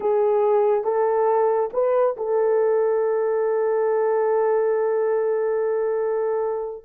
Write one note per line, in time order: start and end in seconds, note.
0.00 0.84 G#4
0.84 1.69 A4
1.73 2.16 B4
2.16 6.84 A4